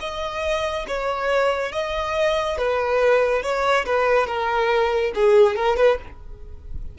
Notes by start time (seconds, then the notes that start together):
0.00 D#5
0.87 C#5
1.72 D#5
2.58 B4
3.42 C#5
3.85 B4
4.27 A#4
5.15 G#4
5.56 A#4
5.77 B4